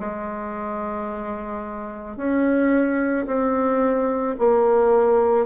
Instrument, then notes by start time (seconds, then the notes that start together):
bassoon
0.00 G#3
2.17 C#4
3.27 C4
4.39 A#3